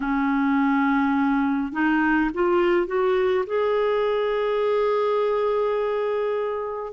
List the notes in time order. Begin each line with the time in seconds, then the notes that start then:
0.00 C#4
1.72 D#4
2.34 F4
2.86 F#4
3.46 G#4